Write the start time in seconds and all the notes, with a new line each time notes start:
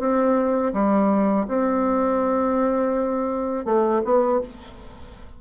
0.00 C4
0.74 G3
1.49 C4
3.66 A3
4.05 B3